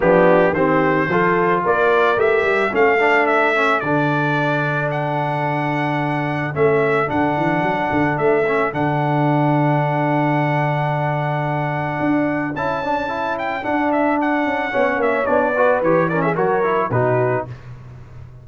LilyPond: <<
  \new Staff \with { instrumentName = "trumpet" } { \time 4/4 \tempo 4 = 110 g'4 c''2 d''4 | e''4 f''4 e''4 d''4~ | d''4 fis''2. | e''4 fis''2 e''4 |
fis''1~ | fis''2. a''4~ | a''8 g''8 fis''8 e''8 fis''4. e''8 | d''4 cis''8 d''16 e''16 cis''4 b'4 | }
  \new Staff \with { instrumentName = "horn" } { \time 4/4 d'4 g'4 a'4 ais'4~ | ais'4 a'2.~ | a'1~ | a'1~ |
a'1~ | a'1~ | a'2. cis''4~ | cis''8 b'4 ais'16 gis'16 ais'4 fis'4 | }
  \new Staff \with { instrumentName = "trombone" } { \time 4/4 b4 c'4 f'2 | g'4 cis'8 d'4 cis'8 d'4~ | d'1 | cis'4 d'2~ d'8 cis'8 |
d'1~ | d'2. e'8 d'8 | e'4 d'2 cis'4 | d'8 fis'8 g'8 cis'8 fis'8 e'8 dis'4 | }
  \new Staff \with { instrumentName = "tuba" } { \time 4/4 f4 dis4 f4 ais4 | a8 g8 a2 d4~ | d1 | a4 d8 e8 fis8 d8 a4 |
d1~ | d2 d'4 cis'4~ | cis'4 d'4. cis'8 b8 ais8 | b4 e4 fis4 b,4 | }
>>